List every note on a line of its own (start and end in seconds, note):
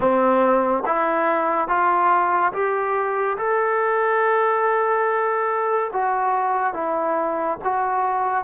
0.00 0.83 C4
0.86 1.67 E4
1.67 2.52 F4
2.52 3.37 G4
3.37 5.91 A4
5.92 6.73 F#4
6.73 7.58 E4
7.64 8.44 F#4